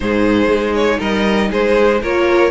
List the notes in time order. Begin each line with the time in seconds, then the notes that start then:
0.00 G#2 D#4 G#4 C5
0.48 G#3
0.74 C#5
0.98 G3 A#4 D#5
1.50 G#3 G#4 C5
2.02 A#3 F4 A#4 C#5